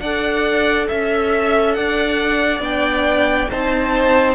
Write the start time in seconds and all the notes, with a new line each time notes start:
0.00 D4 A4 D5 F#5
0.88 C#4 E5
1.74 D4 D5 F#5
2.60 B3 D4 G5
3.50 C4 D#4 C5 A5